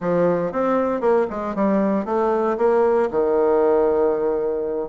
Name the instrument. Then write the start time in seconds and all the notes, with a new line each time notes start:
bassoon
0.00 F3
0.52 C4
1.00 A#3
1.30 G#3
1.55 G3
2.05 A3
2.57 A#3
3.10 D#3